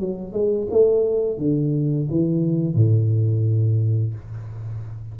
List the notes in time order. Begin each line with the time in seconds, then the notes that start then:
0.00 F#3
0.33 G#3
0.71 A3
1.38 D3
2.11 E3
2.75 A2